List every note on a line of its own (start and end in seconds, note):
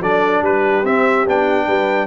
0.00 0.41 F#3
0.00 0.85 D4
0.00 0.42 A4
0.00 0.43 D5
0.41 0.82 G3
0.41 1.66 G4
0.41 0.85 B4
0.83 1.24 C4
0.83 1.26 C4
0.83 1.26 E5
1.26 1.67 B3
1.26 2.07 D4
1.26 2.07 G5
1.66 2.07 G3
1.66 2.07 B4